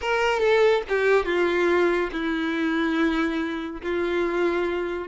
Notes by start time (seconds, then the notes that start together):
0.01 A#4
0.39 A4
0.88 G4
1.25 F4
2.12 E4
3.82 F4